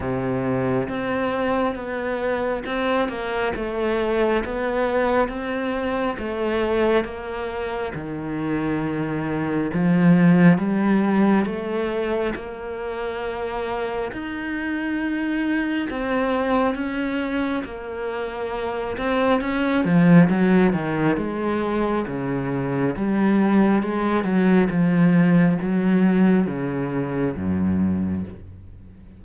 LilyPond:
\new Staff \with { instrumentName = "cello" } { \time 4/4 \tempo 4 = 68 c4 c'4 b4 c'8 ais8 | a4 b4 c'4 a4 | ais4 dis2 f4 | g4 a4 ais2 |
dis'2 c'4 cis'4 | ais4. c'8 cis'8 f8 fis8 dis8 | gis4 cis4 g4 gis8 fis8 | f4 fis4 cis4 fis,4 | }